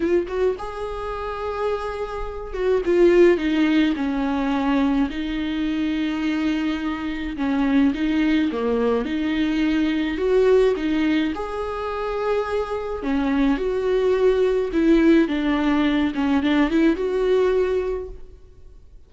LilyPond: \new Staff \with { instrumentName = "viola" } { \time 4/4 \tempo 4 = 106 f'8 fis'8 gis'2.~ | gis'8 fis'8 f'4 dis'4 cis'4~ | cis'4 dis'2.~ | dis'4 cis'4 dis'4 ais4 |
dis'2 fis'4 dis'4 | gis'2. cis'4 | fis'2 e'4 d'4~ | d'8 cis'8 d'8 e'8 fis'2 | }